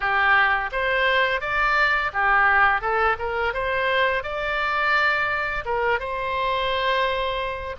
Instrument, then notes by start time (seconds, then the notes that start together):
oboe
0.00 G4
0.72 C5
1.41 D5
2.13 G4
2.81 A4
3.19 A#4
3.53 C5
4.23 D5
5.65 A#4
5.99 C5